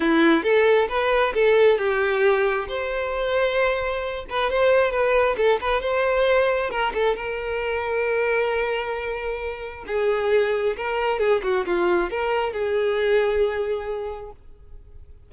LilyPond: \new Staff \with { instrumentName = "violin" } { \time 4/4 \tempo 4 = 134 e'4 a'4 b'4 a'4 | g'2 c''2~ | c''4. b'8 c''4 b'4 | a'8 b'8 c''2 ais'8 a'8 |
ais'1~ | ais'2 gis'2 | ais'4 gis'8 fis'8 f'4 ais'4 | gis'1 | }